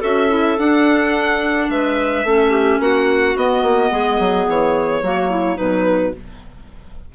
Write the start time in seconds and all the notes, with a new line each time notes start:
0.00 C#4 F#4 A4 E5
0.29 E4
0.57 D4 F#5
1.69 G#3 B4 E5
2.24 A3 C#4 A4
2.50 G4
2.79 A#3 F#4 F#5
3.36 B3 D#5
3.62 A#3
3.91 G#3 G#4
4.19 F#3
4.48 E3 C#5
5.02 F#3 A#3 F#4
5.30 E4
5.55 B2 F#3 D#4 B4